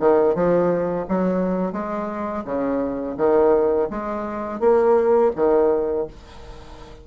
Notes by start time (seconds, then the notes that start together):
0.00 D#3
0.35 F3
1.09 F#3
1.73 G#3
2.45 C#3
3.18 D#3
3.90 G#3
4.60 A#3
5.36 D#3